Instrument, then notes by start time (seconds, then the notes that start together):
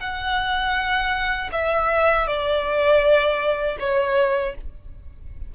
violin
0.00 F#5
1.52 E5
2.27 D5
3.79 C#5